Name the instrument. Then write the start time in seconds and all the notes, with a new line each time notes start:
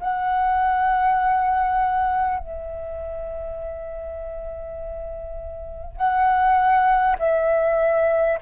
flute
0.00 F#5
2.39 E5
5.96 F#5
7.18 E5